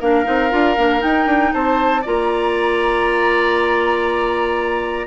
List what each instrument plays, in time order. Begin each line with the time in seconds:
0.00 bassoon A#3, clarinet D4, oboe A#4, flute F5
0.24 bassoon C4, clarinet D#4
0.50 bassoon D4, clarinet F4
0.77 bassoon A#3, clarinet D4
0.99 clarinet D#4, bassoon D#4, flute G5
1.26 bassoon D4
1.53 bassoon C4, oboe C5, flute A5
2.02 bassoon A#3, clarinet F4, oboe D5, flute A#5